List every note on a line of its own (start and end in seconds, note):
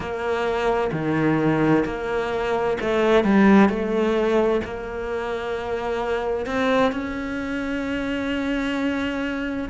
0.00 0.90 A#3
0.91 1.84 D#3
1.85 2.77 A#3
2.81 3.23 A3
3.23 3.69 G3
3.69 4.61 A3
4.64 6.46 A#3
6.46 6.92 C4
6.92 9.69 C#4